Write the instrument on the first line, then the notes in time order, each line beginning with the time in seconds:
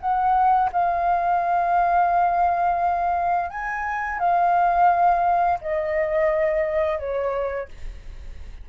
flute
0.00 F#5
0.72 F5
3.50 G#5
4.19 F5
5.61 D#5
6.98 C#5